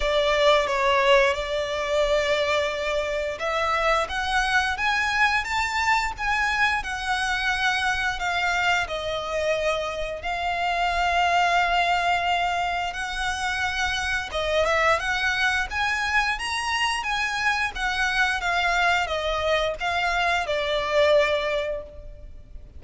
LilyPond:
\new Staff \with { instrumentName = "violin" } { \time 4/4 \tempo 4 = 88 d''4 cis''4 d''2~ | d''4 e''4 fis''4 gis''4 | a''4 gis''4 fis''2 | f''4 dis''2 f''4~ |
f''2. fis''4~ | fis''4 dis''8 e''8 fis''4 gis''4 | ais''4 gis''4 fis''4 f''4 | dis''4 f''4 d''2 | }